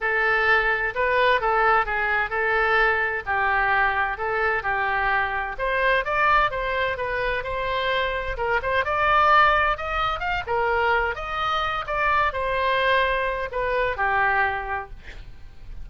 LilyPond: \new Staff \with { instrumentName = "oboe" } { \time 4/4 \tempo 4 = 129 a'2 b'4 a'4 | gis'4 a'2 g'4~ | g'4 a'4 g'2 | c''4 d''4 c''4 b'4 |
c''2 ais'8 c''8 d''4~ | d''4 dis''4 f''8 ais'4. | dis''4. d''4 c''4.~ | c''4 b'4 g'2 | }